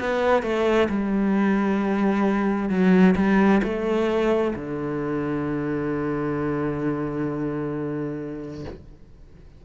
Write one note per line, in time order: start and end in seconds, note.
0.00 0.43 B3
0.43 0.88 A3
0.89 2.70 G3
2.70 3.15 F#3
3.16 3.62 G3
3.64 4.55 A3
4.56 8.65 D3